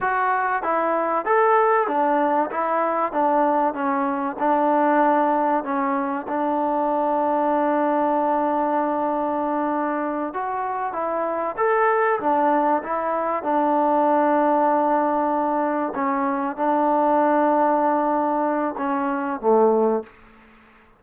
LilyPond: \new Staff \with { instrumentName = "trombone" } { \time 4/4 \tempo 4 = 96 fis'4 e'4 a'4 d'4 | e'4 d'4 cis'4 d'4~ | d'4 cis'4 d'2~ | d'1~ |
d'8 fis'4 e'4 a'4 d'8~ | d'8 e'4 d'2~ d'8~ | d'4. cis'4 d'4.~ | d'2 cis'4 a4 | }